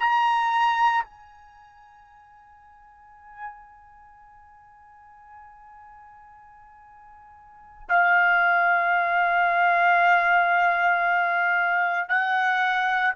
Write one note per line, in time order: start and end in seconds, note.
0.00 1.04 A#5
1.04 7.88 G#5
7.89 12.09 F5
12.09 13.14 F#5